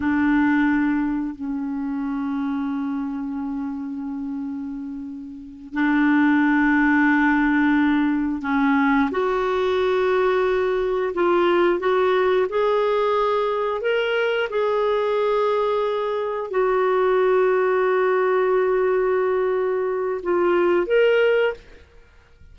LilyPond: \new Staff \with { instrumentName = "clarinet" } { \time 4/4 \tempo 4 = 89 d'2 cis'2~ | cis'1~ | cis'8 d'2.~ d'8~ | d'8 cis'4 fis'2~ fis'8~ |
fis'8 f'4 fis'4 gis'4.~ | gis'8 ais'4 gis'2~ gis'8~ | gis'8 fis'2.~ fis'8~ | fis'2 f'4 ais'4 | }